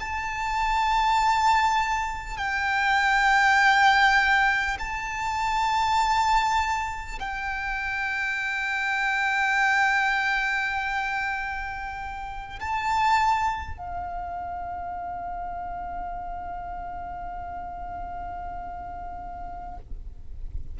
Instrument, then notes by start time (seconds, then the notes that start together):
violin
0.00 A5
2.37 G5
4.79 A5
7.19 G5
12.59 A5
13.78 F5